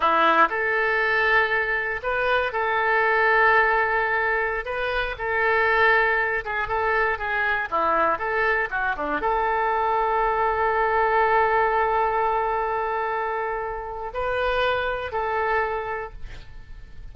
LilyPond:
\new Staff \with { instrumentName = "oboe" } { \time 4/4 \tempo 4 = 119 e'4 a'2. | b'4 a'2.~ | a'4~ a'16 b'4 a'4.~ a'16~ | a'8. gis'8 a'4 gis'4 e'8.~ |
e'16 a'4 fis'8 d'8 a'4.~ a'16~ | a'1~ | a'1 | b'2 a'2 | }